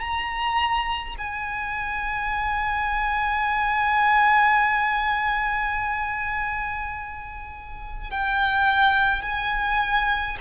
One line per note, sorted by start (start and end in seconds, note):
0.00 1.15 A#5
1.18 8.10 G#5
8.10 9.22 G5
9.22 10.37 G#5